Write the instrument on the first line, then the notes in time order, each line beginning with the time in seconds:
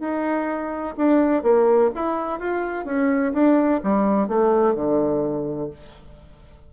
bassoon
0.00 D#4
0.97 D4
1.43 A#3
1.95 E4
2.40 F4
2.85 C#4
3.34 D4
3.83 G3
4.28 A3
4.75 D3